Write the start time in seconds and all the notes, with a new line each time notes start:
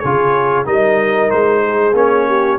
0.00 C#3 F4 G#4 C#5
0.65 G3 D#4 A#4 D#5
1.31 G#3 C5
1.66 G#4
1.94 A#3 C#4 C#5
2.28 G4